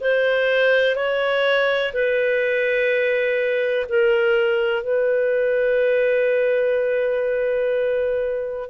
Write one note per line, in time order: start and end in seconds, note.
0.00 0.95 C5
0.95 1.92 C#5
1.93 3.86 B4
3.88 4.83 A#4
4.83 8.69 B4